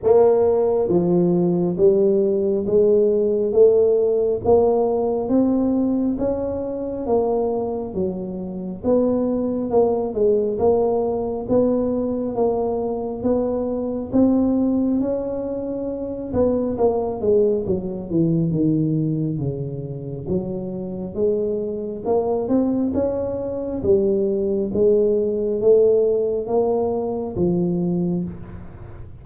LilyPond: \new Staff \with { instrumentName = "tuba" } { \time 4/4 \tempo 4 = 68 ais4 f4 g4 gis4 | a4 ais4 c'4 cis'4 | ais4 fis4 b4 ais8 gis8 | ais4 b4 ais4 b4 |
c'4 cis'4. b8 ais8 gis8 | fis8 e8 dis4 cis4 fis4 | gis4 ais8 c'8 cis'4 g4 | gis4 a4 ais4 f4 | }